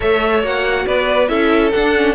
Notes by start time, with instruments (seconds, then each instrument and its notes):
0.00 cello A3, viola A4, violin C#5 E5
0.42 cello A#3, viola F#4, violin F#5
0.86 cello B3, violin B4 D5
1.28 cello C#4, viola E4, violin A4 E5
1.72 viola D4, cello D4, violin F#5
1.95 viola C#4